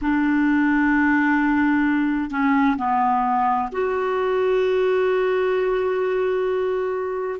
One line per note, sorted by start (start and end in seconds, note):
0.01 2.30 D4
2.30 2.76 C#4
2.77 3.69 B3
3.72 7.39 F#4